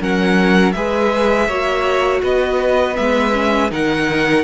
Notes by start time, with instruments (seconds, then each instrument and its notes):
0.00 cello F#3, viola C#4, violin A#4 F#5
0.72 cello G#3, viola G#4, violin B4 E5
1.48 cello A#3, viola F#4, violin C#5
2.23 cello B3, violin B4 D#5
2.94 cello G#3, viola B3, violin E5
3.33 viola C#4
3.70 cello D#3, viola D#4, violin A#4 F#5